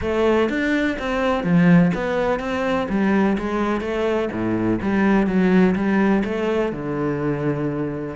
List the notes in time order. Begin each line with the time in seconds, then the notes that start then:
0.01 A3
0.49 D4
0.98 C4
1.43 F3
1.94 B3
2.39 C4
2.89 G3
3.38 G#3
3.81 A3
4.32 A2
4.81 G3
5.26 F#3
5.75 G3
6.24 A3
6.72 D3